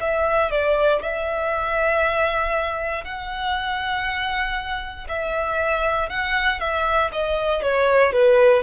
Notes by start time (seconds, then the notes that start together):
0.00 E5
0.51 D5
1.02 E5
3.04 F#5
5.08 E5
6.09 F#5
6.60 E5
7.12 D#5
7.62 C#5
8.12 B4